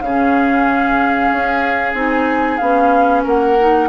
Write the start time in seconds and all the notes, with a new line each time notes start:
0.00 C#3 C#4 G#4 F5
1.32 C#4
1.94 C4 D#4 G#5
2.57 B3 C#4 F5
3.23 A#3 A#4 F#5
3.59 D#4